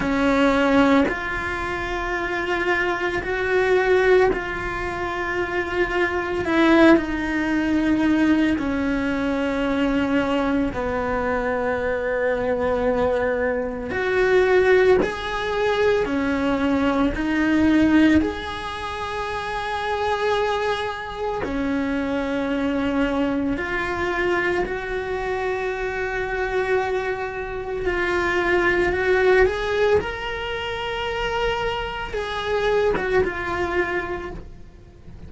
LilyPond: \new Staff \with { instrumentName = "cello" } { \time 4/4 \tempo 4 = 56 cis'4 f'2 fis'4 | f'2 e'8 dis'4. | cis'2 b2~ | b4 fis'4 gis'4 cis'4 |
dis'4 gis'2. | cis'2 f'4 fis'4~ | fis'2 f'4 fis'8 gis'8 | ais'2 gis'8. fis'16 f'4 | }